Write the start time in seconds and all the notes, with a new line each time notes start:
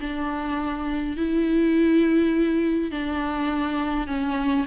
0.00 D4
1.17 E4
2.91 D4
4.07 C#4